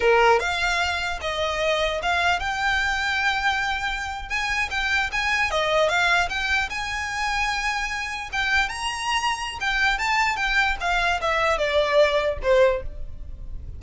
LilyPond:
\new Staff \with { instrumentName = "violin" } { \time 4/4 \tempo 4 = 150 ais'4 f''2 dis''4~ | dis''4 f''4 g''2~ | g''2~ g''8. gis''4 g''16~ | g''8. gis''4 dis''4 f''4 g''16~ |
g''8. gis''2.~ gis''16~ | gis''8. g''4 ais''2~ ais''16 | g''4 a''4 g''4 f''4 | e''4 d''2 c''4 | }